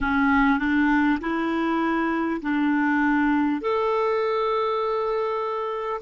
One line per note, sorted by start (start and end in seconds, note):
0.00 0.58 C#4
0.58 1.18 D4
1.20 2.40 E4
2.41 3.61 D4
3.61 6.01 A4